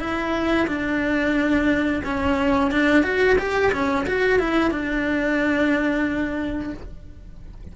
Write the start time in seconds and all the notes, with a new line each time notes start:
0.00 E4
0.67 D4
2.05 C#4
2.72 D4
3.03 F#4
3.39 G4
3.73 C#4
4.07 F#4
4.40 E4
4.71 D4